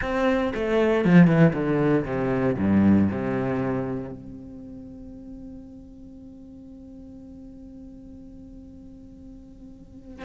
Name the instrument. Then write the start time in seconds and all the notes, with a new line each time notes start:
cello
0.01 C4
0.54 A3
1.04 F3
1.27 E3
1.53 D3
2.05 C3
2.57 G2
3.11 C3
4.11 C4